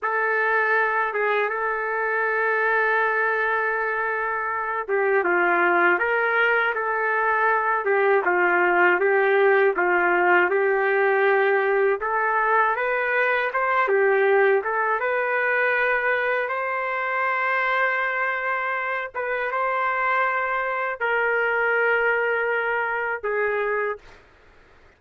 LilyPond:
\new Staff \with { instrumentName = "trumpet" } { \time 4/4 \tempo 4 = 80 a'4. gis'8 a'2~ | a'2~ a'8 g'8 f'4 | ais'4 a'4. g'8 f'4 | g'4 f'4 g'2 |
a'4 b'4 c''8 g'4 a'8 | b'2 c''2~ | c''4. b'8 c''2 | ais'2. gis'4 | }